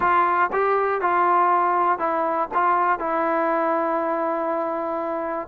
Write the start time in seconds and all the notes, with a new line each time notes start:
0.00 F4
0.52 G4
1.01 F4
1.98 E4
2.54 F4
2.99 E4